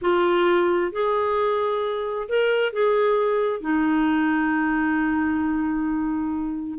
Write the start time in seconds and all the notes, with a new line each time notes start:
0.01 F4
0.92 G#4
2.28 A#4
2.73 G#4
3.61 D#4